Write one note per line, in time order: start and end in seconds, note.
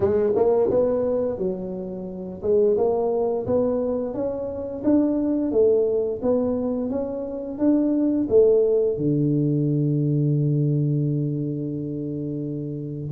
0.00 0.32 G#3
0.35 0.70 A#3
0.70 1.38 B3
1.38 2.41 F#3
2.42 2.76 G#3
2.77 3.46 A#3
3.46 4.13 B3
4.13 4.82 C#4
4.84 5.51 D4
5.51 6.20 A3
6.22 6.90 B3
6.90 7.58 C#4
7.58 8.27 D4
8.29 8.97 A3
8.97 13.11 D3